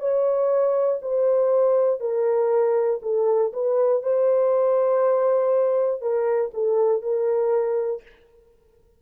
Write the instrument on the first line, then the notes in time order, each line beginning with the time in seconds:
horn
0.00 C#5
1.02 C5
2.00 A#4
3.03 A4
3.53 B4
4.03 C5
6.02 A#4
6.54 A4
7.02 A#4